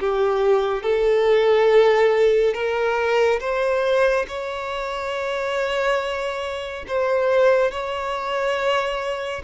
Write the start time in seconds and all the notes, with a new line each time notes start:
0.00 G4
0.83 A4
2.54 A#4
3.40 C5
4.28 C#5
6.88 C5
7.71 C#5